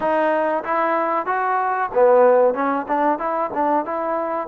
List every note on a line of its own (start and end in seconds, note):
0.00 0.63 D#4
0.64 1.26 E4
1.26 1.89 F#4
1.94 2.54 B3
2.54 2.86 C#4
2.88 3.18 D4
3.18 3.50 E4
3.53 3.85 D4
3.85 4.47 E4